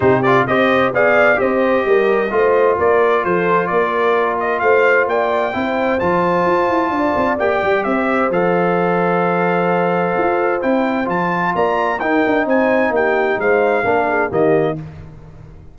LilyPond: <<
  \new Staff \with { instrumentName = "trumpet" } { \time 4/4 \tempo 4 = 130 c''8 d''8 dis''4 f''4 dis''4~ | dis''2 d''4 c''4 | d''4. dis''8 f''4 g''4~ | g''4 a''2. |
g''4 e''4 f''2~ | f''2. g''4 | a''4 ais''4 g''4 gis''4 | g''4 f''2 dis''4 | }
  \new Staff \with { instrumentName = "horn" } { \time 4/4 g'4 c''4 d''4 c''4 | ais'4 c''4 ais'4 a'4 | ais'2 c''4 d''4 | c''2. d''4~ |
d''4 c''2.~ | c''1~ | c''4 d''4 ais'4 c''4 | g'4 c''4 ais'8 gis'8 g'4 | }
  \new Staff \with { instrumentName = "trombone" } { \time 4/4 dis'8 f'8 g'4 gis'4 g'4~ | g'4 f'2.~ | f'1 | e'4 f'2. |
g'2 a'2~ | a'2. e'4 | f'2 dis'2~ | dis'2 d'4 ais4 | }
  \new Staff \with { instrumentName = "tuba" } { \time 4/4 c4 c'4 b4 c'4 | g4 a4 ais4 f4 | ais2 a4 ais4 | c'4 f4 f'8 e'8 d'8 c'8 |
ais8 g8 c'4 f2~ | f2 f'4 c'4 | f4 ais4 dis'8 d'8 c'4 | ais4 gis4 ais4 dis4 | }
>>